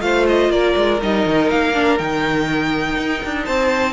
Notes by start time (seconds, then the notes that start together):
0.00 A3 F4 C5 F5
0.28 D#5
0.49 A#3 A#4 D5
0.76 G#3
1.01 G3 D#4 D#5
1.26 D#3
1.50 A#3 F5
1.74 D4
1.98 D#3 D#4 G5
2.96 D#4
3.25 D4
3.45 C4 C5 A5